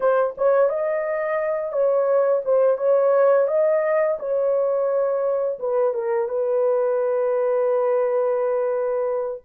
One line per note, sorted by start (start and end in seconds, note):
0.00 0.35 C5
0.37 0.69 C#5
0.69 1.72 D#5
1.72 2.42 C#5
2.44 2.77 C5
2.77 3.47 C#5
3.47 4.17 D#5
4.19 5.58 C#5
5.59 5.94 B4
5.94 6.28 A#4
6.28 9.42 B4